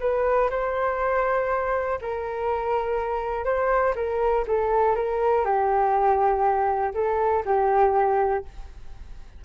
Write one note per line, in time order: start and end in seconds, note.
0.00 0.50 B4
0.50 1.99 C5
2.02 3.45 A#4
3.45 3.94 C5
3.95 4.45 A#4
4.47 4.95 A4
4.95 5.45 A#4
5.45 6.94 G4
6.94 7.44 A4
7.45 8.45 G4